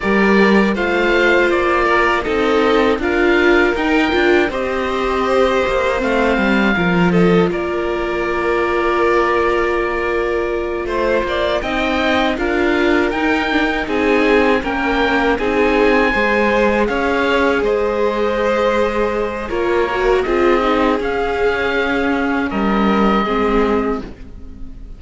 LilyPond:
<<
  \new Staff \with { instrumentName = "oboe" } { \time 4/4 \tempo 4 = 80 d''4 f''4 d''4 dis''4 | f''4 g''4 dis''2 | f''4. dis''8 d''2~ | d''2~ d''8 c''4 g''8~ |
g''8 f''4 g''4 gis''4 g''8~ | g''8 gis''2 f''4 dis''8~ | dis''2 cis''4 dis''4 | f''2 dis''2 | }
  \new Staff \with { instrumentName = "violin" } { \time 4/4 ais'4 c''4. ais'8 a'4 | ais'2 c''2~ | c''4 ais'8 a'8 ais'2~ | ais'2~ ais'8 c''8 d''8 dis''8~ |
dis''8 ais'2 gis'4 ais'8~ | ais'8 gis'4 c''4 cis''4 c''8~ | c''2 ais'4 gis'4~ | gis'2 ais'4 gis'4 | }
  \new Staff \with { instrumentName = "viola" } { \time 4/4 g'4 f'2 dis'4 | f'4 dis'8 f'8 g'2 | c'4 f'2.~ | f'2.~ f'8 dis'8~ |
dis'8 f'4 dis'8 d'16 dis'4~ dis'16 cis'8~ | cis'8 dis'4 gis'2~ gis'8~ | gis'2 f'8 fis'8 f'8 dis'8 | cis'2. c'4 | }
  \new Staff \with { instrumentName = "cello" } { \time 4/4 g4 a4 ais4 c'4 | d'4 dis'8 d'8 c'4. ais8 | a8 g8 f4 ais2~ | ais2~ ais8 a8 ais8 c'8~ |
c'8 d'4 dis'4 c'4 ais8~ | ais8 c'4 gis4 cis'4 gis8~ | gis2 ais4 c'4 | cis'2 g4 gis4 | }
>>